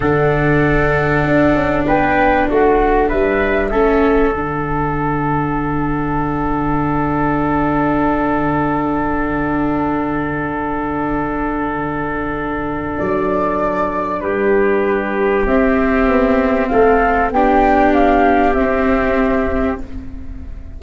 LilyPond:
<<
  \new Staff \with { instrumentName = "flute" } { \time 4/4 \tempo 4 = 97 fis''2. g''4 | fis''4 e''2 fis''4~ | fis''1~ | fis''1~ |
fis''1~ | fis''4 d''2 b'4~ | b'4 e''2 f''4 | g''4 f''4 e''2 | }
  \new Staff \with { instrumentName = "trumpet" } { \time 4/4 a'2. b'4 | fis'4 b'4 a'2~ | a'1~ | a'1~ |
a'1~ | a'2. g'4~ | g'2. a'4 | g'1 | }
  \new Staff \with { instrumentName = "viola" } { \time 4/4 d'1~ | d'2 cis'4 d'4~ | d'1~ | d'1~ |
d'1~ | d'1~ | d'4 c'2. | d'2 c'2 | }
  \new Staff \with { instrumentName = "tuba" } { \time 4/4 d2 d'8 cis'8 b4 | a4 g4 a4 d4~ | d1~ | d1~ |
d1~ | d4 fis2 g4~ | g4 c'4 b4 a4 | b2 c'2 | }
>>